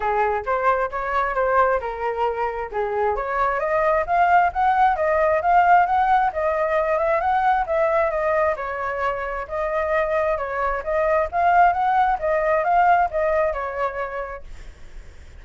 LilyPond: \new Staff \with { instrumentName = "flute" } { \time 4/4 \tempo 4 = 133 gis'4 c''4 cis''4 c''4 | ais'2 gis'4 cis''4 | dis''4 f''4 fis''4 dis''4 | f''4 fis''4 dis''4. e''8 |
fis''4 e''4 dis''4 cis''4~ | cis''4 dis''2 cis''4 | dis''4 f''4 fis''4 dis''4 | f''4 dis''4 cis''2 | }